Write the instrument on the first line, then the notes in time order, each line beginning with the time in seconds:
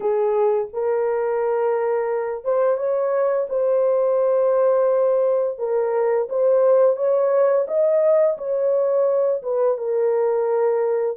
horn
0.00 G#4
0.73 A#4
2.44 C5
2.77 C#5
3.49 C5
5.58 A#4
6.29 C5
6.96 C#5
7.67 D#5
8.37 C#5
9.42 B4
9.77 A#4